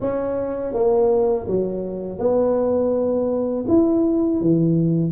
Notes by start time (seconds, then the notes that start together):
0.00 C#4
0.73 A#3
1.47 F#3
2.19 B3
3.68 E4
4.40 E3